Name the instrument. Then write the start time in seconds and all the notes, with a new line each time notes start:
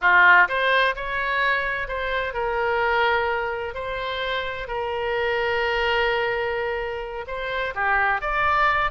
oboe
0.01 F4
0.48 C5
0.95 C#5
1.88 C5
2.33 A#4
3.74 C5
4.67 A#4
7.27 C5
7.74 G4
8.21 D5